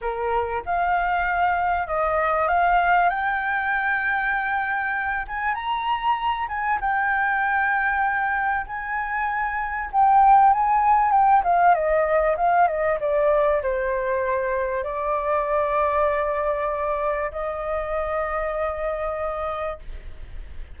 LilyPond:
\new Staff \with { instrumentName = "flute" } { \time 4/4 \tempo 4 = 97 ais'4 f''2 dis''4 | f''4 g''2.~ | g''8 gis''8 ais''4. gis''8 g''4~ | g''2 gis''2 |
g''4 gis''4 g''8 f''8 dis''4 | f''8 dis''8 d''4 c''2 | d''1 | dis''1 | }